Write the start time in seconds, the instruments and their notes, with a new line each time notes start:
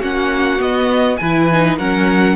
0.00 cello A#3, viola C#4, violin F#4 F#5
0.59 viola B3, cello B3, violin D#5
1.17 cello E3, viola E4, violin B4 G#5
1.52 viola D#4
1.78 cello F#3, viola C#4, violin A#4 F#5